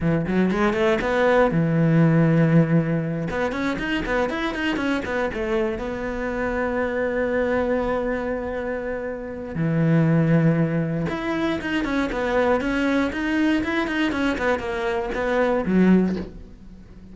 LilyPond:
\new Staff \with { instrumentName = "cello" } { \time 4/4 \tempo 4 = 119 e8 fis8 gis8 a8 b4 e4~ | e2~ e8 b8 cis'8 dis'8 | b8 e'8 dis'8 cis'8 b8 a4 b8~ | b1~ |
b2. e4~ | e2 e'4 dis'8 cis'8 | b4 cis'4 dis'4 e'8 dis'8 | cis'8 b8 ais4 b4 fis4 | }